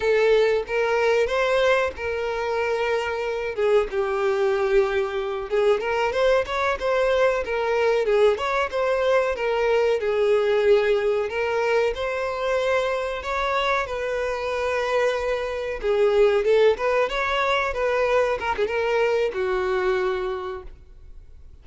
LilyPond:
\new Staff \with { instrumentName = "violin" } { \time 4/4 \tempo 4 = 93 a'4 ais'4 c''4 ais'4~ | ais'4. gis'8 g'2~ | g'8 gis'8 ais'8 c''8 cis''8 c''4 ais'8~ | ais'8 gis'8 cis''8 c''4 ais'4 gis'8~ |
gis'4. ais'4 c''4.~ | c''8 cis''4 b'2~ b'8~ | b'8 gis'4 a'8 b'8 cis''4 b'8~ | b'8 ais'16 gis'16 ais'4 fis'2 | }